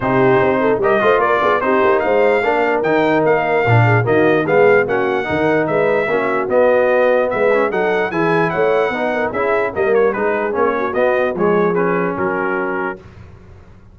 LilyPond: <<
  \new Staff \with { instrumentName = "trumpet" } { \time 4/4 \tempo 4 = 148 c''2 dis''4 d''4 | c''4 f''2 g''4 | f''2 dis''4 f''4 | fis''2 e''2 |
dis''2 e''4 fis''4 | gis''4 fis''2 e''4 | dis''8 cis''8 b'4 cis''4 dis''4 | cis''4 b'4 ais'2 | }
  \new Staff \with { instrumentName = "horn" } { \time 4/4 g'4. a'8 ais'8 c''8 ais'8 gis'8 | g'4 c''4 ais'2~ | ais'4. gis'8 fis'4 gis'4 | fis'4 ais'4 b'4 fis'4~ |
fis'2 b'4 a'4 | gis'4 cis''4 b'8 ais'8 gis'4 | ais'4 gis'4. fis'4. | gis'2 fis'2 | }
  \new Staff \with { instrumentName = "trombone" } { \time 4/4 dis'2 g'8 f'4. | dis'2 d'4 dis'4~ | dis'4 d'4 ais4 b4 | cis'4 dis'2 cis'4 |
b2~ b8 cis'8 dis'4 | e'2 dis'4 e'4 | ais4 dis'4 cis'4 b4 | gis4 cis'2. | }
  \new Staff \with { instrumentName = "tuba" } { \time 4/4 c4 c'4 g8 a8 ais8 b8 | c'8 ais8 gis4 ais4 dis4 | ais4 ais,4 dis4 gis4 | ais4 dis4 gis4 ais4 |
b2 gis4 fis4 | e4 a4 b4 cis'4 | g4 gis4 ais4 b4 | f2 fis2 | }
>>